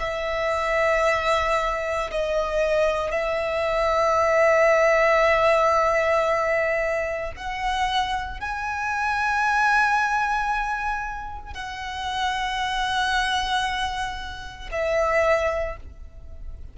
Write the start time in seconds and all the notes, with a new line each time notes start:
0.00 E5
2.11 D#5
3.11 E5
7.37 F#5
8.40 G#5
11.54 F#5
14.72 E5